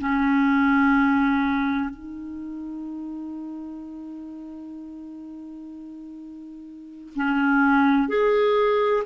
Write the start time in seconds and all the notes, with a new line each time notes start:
0.00 C#4
1.90 D#4
7.16 C#4
8.08 G#4